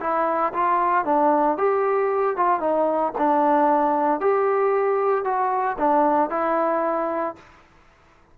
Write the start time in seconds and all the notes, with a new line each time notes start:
0.00 E4
0.53 F4
1.05 D4
1.57 G4
2.37 F4
2.60 D#4
3.18 D4
4.20 G4
5.24 F#4
5.78 D4
6.30 E4